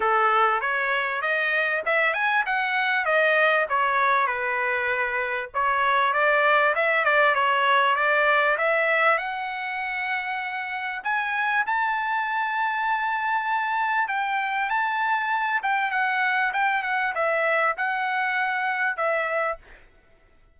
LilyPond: \new Staff \with { instrumentName = "trumpet" } { \time 4/4 \tempo 4 = 98 a'4 cis''4 dis''4 e''8 gis''8 | fis''4 dis''4 cis''4 b'4~ | b'4 cis''4 d''4 e''8 d''8 | cis''4 d''4 e''4 fis''4~ |
fis''2 gis''4 a''4~ | a''2. g''4 | a''4. g''8 fis''4 g''8 fis''8 | e''4 fis''2 e''4 | }